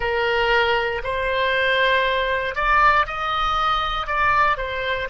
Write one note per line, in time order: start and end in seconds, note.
0.00 1.02 A#4
1.04 2.55 C5
2.55 3.06 D5
3.06 4.07 D#5
4.07 4.57 D5
4.57 5.08 C5